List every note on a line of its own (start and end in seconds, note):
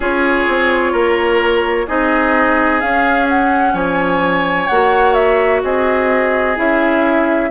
0.00 0.46 C#4
0.00 1.88 F4
0.00 0.92 G#4
0.00 1.88 C#5
0.47 0.92 C4
0.92 1.86 A#3
0.92 1.86 A#4
1.87 2.82 C4
1.87 2.81 D#4
1.87 3.73 G#4
1.87 2.80 D#5
2.80 4.68 C#4
2.80 3.73 C#4
2.80 3.27 F5
3.28 3.75 F#5
3.73 4.67 F3
3.73 5.61 C#5
3.73 4.67 G#5
4.67 5.63 A#3
4.67 6.55 F#4
4.67 5.14 F#5
5.14 5.61 E5
5.63 6.57 C4
5.63 7.50 G#4
5.63 6.57 D#5
6.55 7.50 C#4
6.55 7.49 E4
6.55 7.50 E5